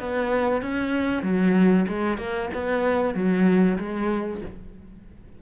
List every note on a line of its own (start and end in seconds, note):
0.00 0.62 B3
0.62 1.23 C#4
1.23 1.86 F#3
1.88 2.18 G#3
2.18 2.49 A#3
2.53 3.14 B3
3.14 3.78 F#3
3.78 4.42 G#3